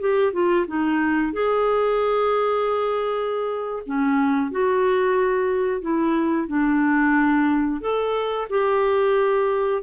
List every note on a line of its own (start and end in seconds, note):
0.00 0.33 G4
0.33 0.66 F4
0.67 1.33 D#4
1.33 3.83 G#4
3.86 4.51 C#4
4.51 5.81 F#4
5.81 6.48 E4
6.48 7.81 D4
7.81 8.48 A4
8.50 9.82 G4